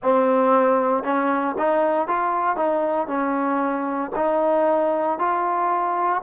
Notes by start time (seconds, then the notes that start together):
0.02 C4
1.03 C#4
1.58 D#4
2.07 F4
2.56 D#4
3.07 C#4
4.15 D#4
5.18 F4